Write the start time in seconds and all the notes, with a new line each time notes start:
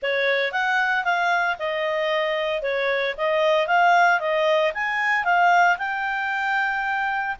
0.02 C#5
0.52 F#5
1.04 F5
1.58 D#5
2.62 C#5
3.17 D#5
3.67 F5
4.19 D#5
4.74 G#5
5.24 F5
5.78 G5